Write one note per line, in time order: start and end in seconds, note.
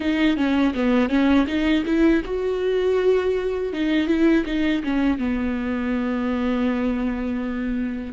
0.00 0.36 D#4
0.36 0.73 C#4
0.74 1.09 B3
1.09 1.46 C#4
1.47 1.84 D#4
1.85 2.22 E4
2.25 3.72 F#4
3.72 4.07 D#4
4.07 4.44 E4
4.45 4.82 D#4
4.84 5.18 C#4
5.18 8.13 B3